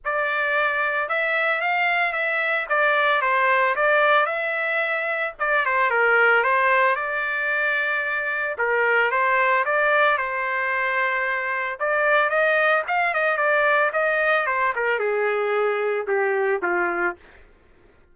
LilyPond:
\new Staff \with { instrumentName = "trumpet" } { \time 4/4 \tempo 4 = 112 d''2 e''4 f''4 | e''4 d''4 c''4 d''4 | e''2 d''8 c''8 ais'4 | c''4 d''2. |
ais'4 c''4 d''4 c''4~ | c''2 d''4 dis''4 | f''8 dis''8 d''4 dis''4 c''8 ais'8 | gis'2 g'4 f'4 | }